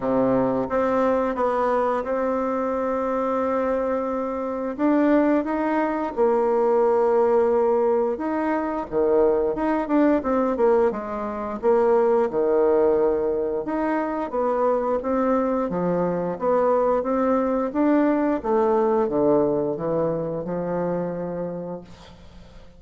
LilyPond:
\new Staff \with { instrumentName = "bassoon" } { \time 4/4 \tempo 4 = 88 c4 c'4 b4 c'4~ | c'2. d'4 | dis'4 ais2. | dis'4 dis4 dis'8 d'8 c'8 ais8 |
gis4 ais4 dis2 | dis'4 b4 c'4 f4 | b4 c'4 d'4 a4 | d4 e4 f2 | }